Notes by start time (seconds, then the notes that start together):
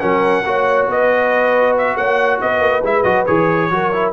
0.00 F#3 C#4 A#4 F#5
0.44 A#3 F#4 C#5
0.87 B3 B4 D#5
1.78 E5
1.96 A#3 C#5 F#5
2.41 B3 B4 D#5
2.60 A#3
2.82 G#3 E4 E5
3.03 F#3 F#4 D#5
3.26 E3 G#4 C#5
3.70 F#3 F#4 A#4
3.93 E4